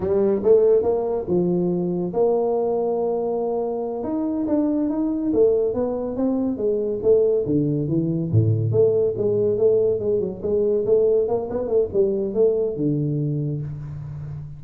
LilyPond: \new Staff \with { instrumentName = "tuba" } { \time 4/4 \tempo 4 = 141 g4 a4 ais4 f4~ | f4 ais2.~ | ais4. dis'4 d'4 dis'8~ | dis'8 a4 b4 c'4 gis8~ |
gis8 a4 d4 e4 a,8~ | a,8 a4 gis4 a4 gis8 | fis8 gis4 a4 ais8 b8 a8 | g4 a4 d2 | }